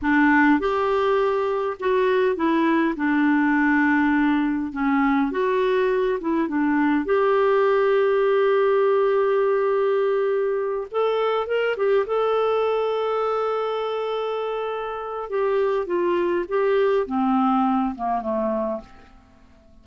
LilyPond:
\new Staff \with { instrumentName = "clarinet" } { \time 4/4 \tempo 4 = 102 d'4 g'2 fis'4 | e'4 d'2. | cis'4 fis'4. e'8 d'4 | g'1~ |
g'2~ g'8 a'4 ais'8 | g'8 a'2.~ a'8~ | a'2 g'4 f'4 | g'4 c'4. ais8 a4 | }